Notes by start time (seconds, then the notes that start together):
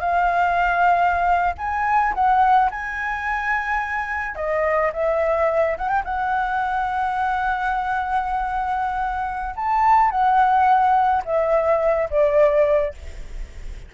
0.00 F5
1.58 G#5
2.15 F#5
2.71 G#5
4.36 D#5
4.94 E5
5.78 F#5
5.89 G5
6.05 F#5
9.56 A5
10.11 F#5
11.25 E5
12.10 D5